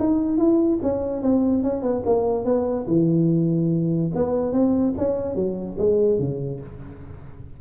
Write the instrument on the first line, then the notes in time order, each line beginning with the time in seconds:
tuba
0.00 D#4
0.38 E4
0.83 C#4
1.23 C4
1.64 C#4
1.82 B3
2.06 A#3
2.45 B3
2.88 E3
4.15 B3
4.53 C4
4.98 C#4
5.35 F#3
5.79 G#3
6.19 C#3